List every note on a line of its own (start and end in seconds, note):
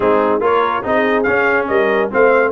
0.00 0.40 G#3
0.00 0.40 C4
0.00 0.40 D#4
0.00 0.42 G#4
0.40 0.83 A#3
0.40 0.82 F4
0.40 0.83 A#4
0.40 0.86 C#5
0.83 1.27 C4
0.83 1.25 D#4
0.83 1.69 G#4
0.83 1.23 D#5
1.23 2.10 C#4
1.23 1.68 C#4
1.23 1.65 F5
1.67 2.11 G3
1.67 2.11 A#4
1.67 2.10 D#5
2.10 2.52 A3
2.10 2.52 C4
2.10 2.52 C5
2.10 2.52 F5